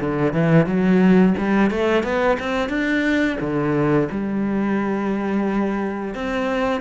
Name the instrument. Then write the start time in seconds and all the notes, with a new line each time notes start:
cello
0.00 D3
0.33 E3
0.66 F#3
1.37 G3
1.70 A3
2.03 B3
2.39 C4
2.68 D4
3.40 D3
4.11 G3
6.14 C4